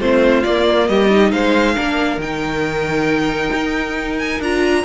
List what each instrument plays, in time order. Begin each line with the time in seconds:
0.00 cello A3, viola C4, violin F4 C5
0.44 cello A#3, viola A#3, violin D5
0.88 cello G3, violin G4 D#5
1.11 viola D#4
1.32 cello G#3, violin C5 F5
1.75 cello A#3, viola D4, violin A#4
2.17 cello D#3, viola D#4, violin G5
3.53 cello D#4
4.19 violin G#5
4.40 cello D4, viola F4, violin A#5